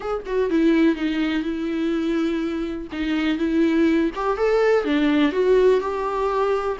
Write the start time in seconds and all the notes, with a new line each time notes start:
0.00 G#4
0.26 F#4
0.50 E4
0.95 D#4
1.42 E4
2.92 D#4
3.38 E4
4.15 G4
4.37 A4
4.84 D4
5.32 F#4
5.80 G4